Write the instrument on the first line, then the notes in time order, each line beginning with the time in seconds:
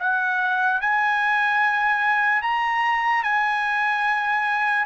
trumpet
0.00 F#5
0.81 G#5
2.43 A#5
3.24 G#5